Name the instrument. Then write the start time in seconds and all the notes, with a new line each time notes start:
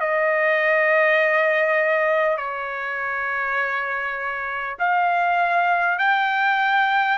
trumpet
0.00 D#5
2.37 C#5
4.79 F5
5.99 G5